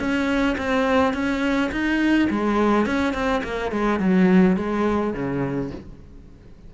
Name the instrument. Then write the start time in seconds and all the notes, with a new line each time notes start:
cello
0.00 C#4
0.58 C4
1.14 C#4
1.72 D#4
2.30 G#3
2.86 C#4
3.14 C4
3.44 A#3
3.72 G#3
4.00 F#3
4.57 G#3
5.14 C#3